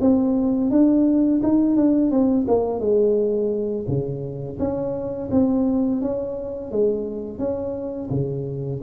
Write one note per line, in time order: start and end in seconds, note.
0.00 0.70 C4
0.70 1.41 D4
1.42 1.76 D#4
1.76 2.10 D4
2.10 2.46 C4
2.47 2.79 A#3
2.79 3.85 G#3
3.87 4.58 C#3
4.59 5.29 C#4
5.31 6.01 C4
6.01 6.71 C#4
6.71 7.38 G#3
7.38 8.09 C#4
8.10 8.80 C#3